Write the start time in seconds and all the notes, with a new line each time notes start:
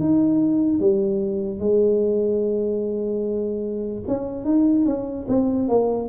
0.00 D#4
0.80 G3
1.60 G#3
4.08 C#4
4.45 D#4
4.86 C#4
5.29 C4
5.69 A#3